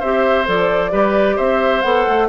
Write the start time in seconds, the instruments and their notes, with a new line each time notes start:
0.00 bassoon C4, clarinet G4, oboe C5, flute E5
0.46 bassoon F3, clarinet A4, flute D5
0.91 bassoon G3, clarinet G4, oboe B4
1.36 bassoon C4, oboe C5, flute E5
1.82 bassoon B3, clarinet A4, flute F#5
2.08 bassoon A3